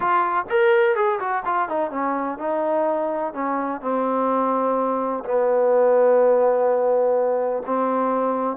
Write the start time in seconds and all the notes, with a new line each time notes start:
0.00 F4
0.49 A#4
0.95 G#4
1.19 F#4
1.45 F4
1.68 D#4
1.90 C#4
2.38 D#4
3.33 C#4
3.81 C4
5.24 B3
7.66 C4